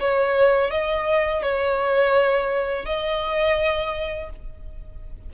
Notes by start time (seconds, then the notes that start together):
0.00 C#5
0.71 D#5
1.43 C#5
2.86 D#5